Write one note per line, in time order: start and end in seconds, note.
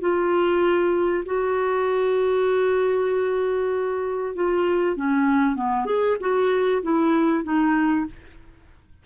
0.00 1.24 F4
1.25 4.35 F#4
4.35 4.96 F4
4.96 5.55 C#4
5.55 5.85 B3
5.85 6.16 G#4
6.20 6.82 F#4
6.83 7.44 E4
7.44 8.06 D#4